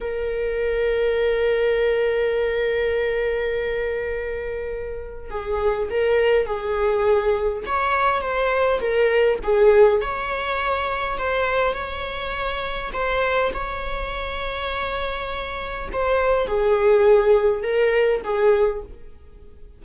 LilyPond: \new Staff \with { instrumentName = "viola" } { \time 4/4 \tempo 4 = 102 ais'1~ | ais'1~ | ais'4 gis'4 ais'4 gis'4~ | gis'4 cis''4 c''4 ais'4 |
gis'4 cis''2 c''4 | cis''2 c''4 cis''4~ | cis''2. c''4 | gis'2 ais'4 gis'4 | }